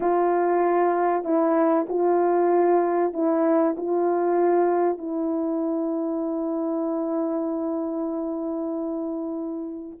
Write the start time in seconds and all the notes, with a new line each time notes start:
0.00 F4
1.24 E4
1.88 F4
3.13 E4
3.77 F4
4.98 E4